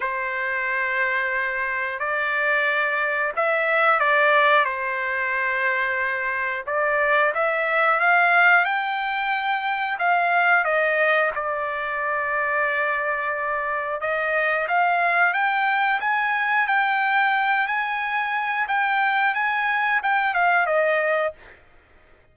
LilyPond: \new Staff \with { instrumentName = "trumpet" } { \time 4/4 \tempo 4 = 90 c''2. d''4~ | d''4 e''4 d''4 c''4~ | c''2 d''4 e''4 | f''4 g''2 f''4 |
dis''4 d''2.~ | d''4 dis''4 f''4 g''4 | gis''4 g''4. gis''4. | g''4 gis''4 g''8 f''8 dis''4 | }